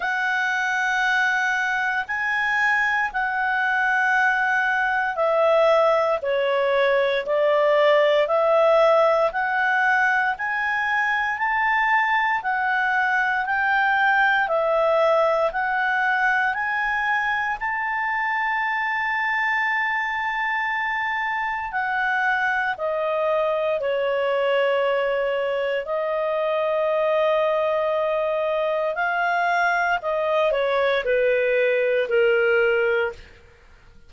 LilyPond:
\new Staff \with { instrumentName = "clarinet" } { \time 4/4 \tempo 4 = 58 fis''2 gis''4 fis''4~ | fis''4 e''4 cis''4 d''4 | e''4 fis''4 gis''4 a''4 | fis''4 g''4 e''4 fis''4 |
gis''4 a''2.~ | a''4 fis''4 dis''4 cis''4~ | cis''4 dis''2. | f''4 dis''8 cis''8 b'4 ais'4 | }